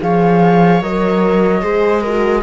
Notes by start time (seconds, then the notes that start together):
0.00 F3 G#4 C#5 F5
0.82 F#3 A#4 D#5
1.62 G#3 G#4 C5
2.01 F#4 A#4